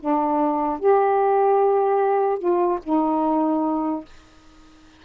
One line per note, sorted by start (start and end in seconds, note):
0.00 0.80 D4
0.80 2.39 G4
2.39 2.79 F4
2.84 4.05 D#4